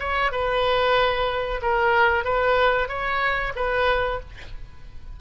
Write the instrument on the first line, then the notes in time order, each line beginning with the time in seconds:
oboe
0.00 C#5
0.32 B4
1.62 A#4
2.25 B4
2.89 C#5
3.56 B4